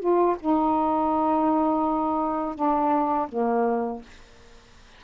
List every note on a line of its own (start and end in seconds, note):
0.00 0.37 F4
0.40 2.55 D#4
2.55 3.29 D4
3.29 4.02 A#3